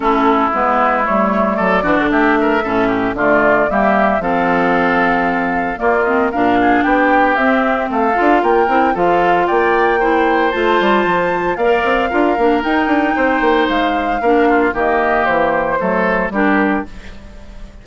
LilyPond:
<<
  \new Staff \with { instrumentName = "flute" } { \time 4/4 \tempo 4 = 114 a'4 b'4 cis''4 d''4 | e''2 d''4 e''4 | f''2. d''8 dis''8 | f''4 g''4 e''4 f''4 |
g''4 f''4 g''2 | a''2 f''2 | g''2 f''2 | dis''4 c''2 ais'4 | }
  \new Staff \with { instrumentName = "oboe" } { \time 4/4 e'2. a'8 fis'8 | g'8 ais'8 a'8 g'8 f'4 g'4 | a'2. f'4 | ais'8 gis'8 g'2 a'4 |
ais'4 a'4 d''4 c''4~ | c''2 d''4 ais'4~ | ais'4 c''2 ais'8 f'8 | g'2 a'4 g'4 | }
  \new Staff \with { instrumentName = "clarinet" } { \time 4/4 cis'4 b4 a4. d'8~ | d'4 cis'4 a4 ais4 | c'2. ais8 c'8 | d'2 c'4. f'8~ |
f'8 e'8 f'2 e'4 | f'2 ais'4 f'8 d'8 | dis'2. d'4 | ais2 a4 d'4 | }
  \new Staff \with { instrumentName = "bassoon" } { \time 4/4 a4 gis4 g4 fis8 e16 d16 | a4 a,4 d4 g4 | f2. ais4 | ais,4 b4 c'4 a8 d'8 |
ais8 c'8 f4 ais2 | a8 g8 f4 ais8 c'8 d'8 ais8 | dis'8 d'8 c'8 ais8 gis4 ais4 | dis4 e4 fis4 g4 | }
>>